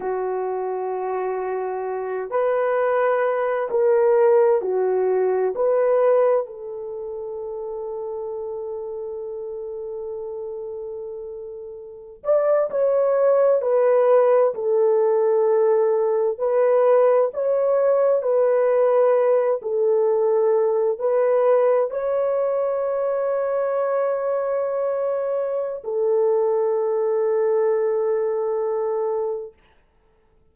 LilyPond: \new Staff \with { instrumentName = "horn" } { \time 4/4 \tempo 4 = 65 fis'2~ fis'8 b'4. | ais'4 fis'4 b'4 a'4~ | a'1~ | a'4~ a'16 d''8 cis''4 b'4 a'16~ |
a'4.~ a'16 b'4 cis''4 b'16~ | b'4~ b'16 a'4. b'4 cis''16~ | cis''1 | a'1 | }